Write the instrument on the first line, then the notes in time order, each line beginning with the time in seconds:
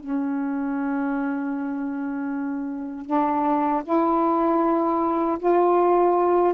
saxophone
0.00 C#4
3.06 D4
3.84 E4
5.39 F4